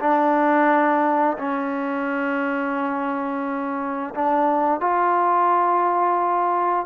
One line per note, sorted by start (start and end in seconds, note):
0.00 1.38 D4
1.39 4.14 C#4
4.15 4.81 D4
4.81 6.87 F4